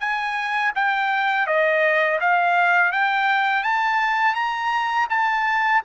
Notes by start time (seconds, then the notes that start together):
0.00 G#5
0.76 G5
1.47 D#5
2.20 F5
2.92 G5
3.63 A5
4.35 A#5
5.10 A5